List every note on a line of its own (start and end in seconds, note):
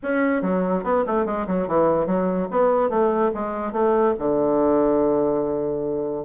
0.02 0.41 C#4
0.41 0.83 F#3
0.83 1.04 B3
1.06 1.25 A3
1.25 1.46 G#3
1.47 1.67 F#3
1.67 2.06 E3
2.06 2.48 F#3
2.51 2.89 B3
2.89 3.31 A3
3.34 3.72 G#3
3.72 4.14 A3
4.18 6.25 D3